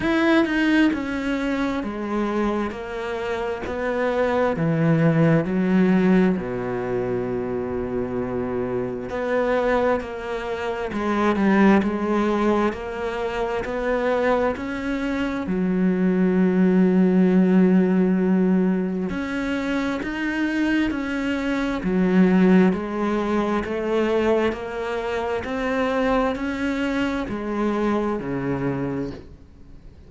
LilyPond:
\new Staff \with { instrumentName = "cello" } { \time 4/4 \tempo 4 = 66 e'8 dis'8 cis'4 gis4 ais4 | b4 e4 fis4 b,4~ | b,2 b4 ais4 | gis8 g8 gis4 ais4 b4 |
cis'4 fis2.~ | fis4 cis'4 dis'4 cis'4 | fis4 gis4 a4 ais4 | c'4 cis'4 gis4 cis4 | }